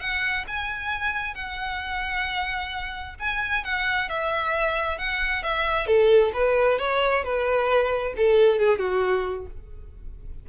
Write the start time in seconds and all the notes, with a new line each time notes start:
0.00 F#5
0.47 G#5
1.35 F#5
3.19 G#5
3.64 F#5
4.09 E5
4.98 F#5
5.43 E5
5.86 A4
6.33 B4
6.79 C#5
7.24 B4
8.17 A4
8.59 G#4
8.79 F#4